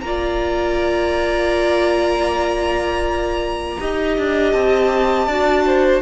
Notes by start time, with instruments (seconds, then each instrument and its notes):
0.00 cello A#3, viola F4, violin D5 A#5
3.79 cello D#4, viola G4, violin D#5
4.17 cello D4
4.51 cello C4, violin A5
5.27 cello D4, viola F#4, violin D5
5.66 violin C5